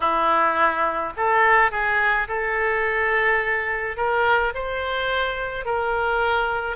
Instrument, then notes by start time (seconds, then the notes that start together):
oboe
0.00 E4
1.16 A4
1.71 G#4
2.28 A4
3.96 A#4
4.54 C5
5.65 A#4